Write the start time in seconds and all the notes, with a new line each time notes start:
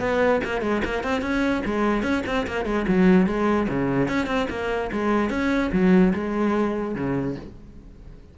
0.00 B3
0.44 A#3
0.62 G#3
0.85 A#3
1.04 C4
1.22 C#4
1.65 G#3
2.03 C#4
2.27 C4
2.47 A#3
2.66 G#3
2.88 F#3
3.27 G#3
3.69 C#3
4.09 C#4
4.27 C4
4.50 A#3
4.92 G#3
5.30 C#4
5.73 F#3
6.14 G#3
6.95 C#3